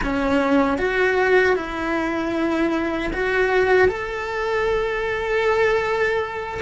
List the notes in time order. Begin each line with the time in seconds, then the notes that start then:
0.03 C#4
0.78 F#4
1.55 E4
3.13 F#4
3.87 A4